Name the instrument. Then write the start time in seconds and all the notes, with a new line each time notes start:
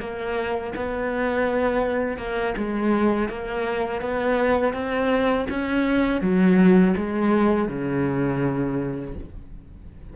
cello
0.00 A#3
0.76 B3
2.18 A#3
2.57 G#3
3.29 A#3
4.01 B3
4.74 C4
5.50 C#4
6.21 F#3
6.97 G#3
7.69 C#3